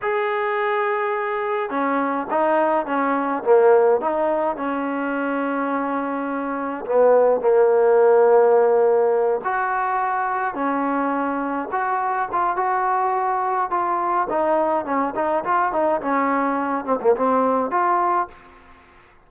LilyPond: \new Staff \with { instrumentName = "trombone" } { \time 4/4 \tempo 4 = 105 gis'2. cis'4 | dis'4 cis'4 ais4 dis'4 | cis'1 | b4 ais2.~ |
ais8 fis'2 cis'4.~ | cis'8 fis'4 f'8 fis'2 | f'4 dis'4 cis'8 dis'8 f'8 dis'8 | cis'4. c'16 ais16 c'4 f'4 | }